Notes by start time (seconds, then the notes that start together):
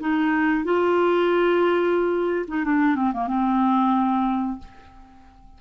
0.00 D#4
0.64 F4
2.48 D#4
2.64 D4
2.96 C4
3.13 A#3
3.27 C4